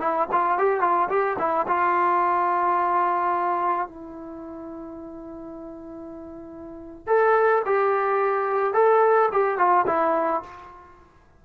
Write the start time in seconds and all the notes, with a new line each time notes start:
0.00 E4
0.32 F4
0.58 G4
0.81 F4
1.09 G4
1.39 E4
1.68 F4
3.88 E4
7.07 A4
7.66 G4
8.74 A4
9.32 G4
9.58 F4
9.87 E4